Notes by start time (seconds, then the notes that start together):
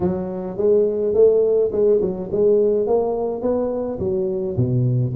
0.00 F#3
0.57 G#3
1.14 A3
1.71 G#3
2.01 F#3
2.31 G#3
2.86 A#3
3.41 B3
3.99 F#3
4.56 B2